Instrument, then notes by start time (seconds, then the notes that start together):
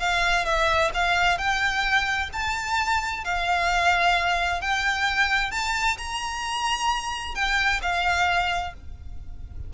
violin
0.00 F5
0.45 E5
0.94 F5
1.38 G5
2.33 A5
3.25 F5
4.61 G5
5.52 A5
5.98 A#5
7.35 G5
7.82 F5